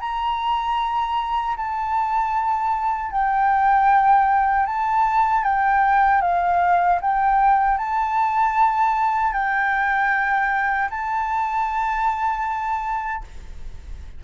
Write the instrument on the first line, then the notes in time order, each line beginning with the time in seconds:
flute
0.00 A#5
1.57 A5
3.11 G5
4.66 A5
5.43 G5
6.22 F5
7.01 G5
7.78 A5
9.33 G5
10.90 A5